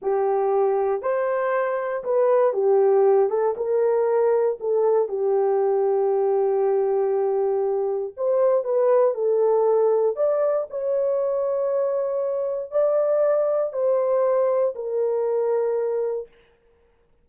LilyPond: \new Staff \with { instrumentName = "horn" } { \time 4/4 \tempo 4 = 118 g'2 c''2 | b'4 g'4. a'8 ais'4~ | ais'4 a'4 g'2~ | g'1 |
c''4 b'4 a'2 | d''4 cis''2.~ | cis''4 d''2 c''4~ | c''4 ais'2. | }